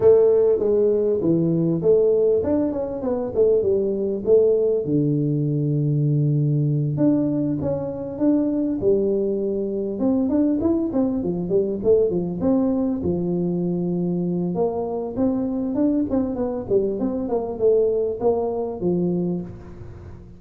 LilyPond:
\new Staff \with { instrumentName = "tuba" } { \time 4/4 \tempo 4 = 99 a4 gis4 e4 a4 | d'8 cis'8 b8 a8 g4 a4 | d2.~ d8 d'8~ | d'8 cis'4 d'4 g4.~ |
g8 c'8 d'8 e'8 c'8 f8 g8 a8 | f8 c'4 f2~ f8 | ais4 c'4 d'8 c'8 b8 g8 | c'8 ais8 a4 ais4 f4 | }